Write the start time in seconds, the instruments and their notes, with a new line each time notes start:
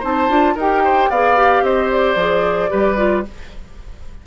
0.00 bassoon C4, clarinet D#4, oboe C5, flute A5
0.29 bassoon D4, clarinet F4
0.55 bassoon D#4, clarinet G4, oboe A#4, flute G5
0.84 oboe C5
1.10 bassoon B3, clarinet G#4, oboe D5, flute F5
1.37 clarinet G4
1.62 bassoon C4, oboe C5, flute D#5
1.91 flute D5
2.16 bassoon F3, clarinet G#4
2.69 bassoon G3, clarinet G4, oboe B4
2.97 clarinet F4